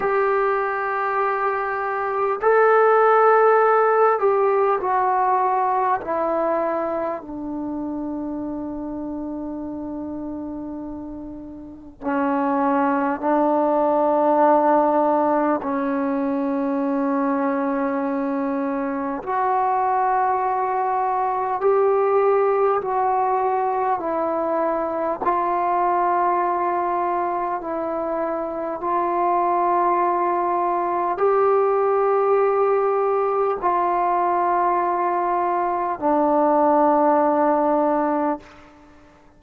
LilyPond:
\new Staff \with { instrumentName = "trombone" } { \time 4/4 \tempo 4 = 50 g'2 a'4. g'8 | fis'4 e'4 d'2~ | d'2 cis'4 d'4~ | d'4 cis'2. |
fis'2 g'4 fis'4 | e'4 f'2 e'4 | f'2 g'2 | f'2 d'2 | }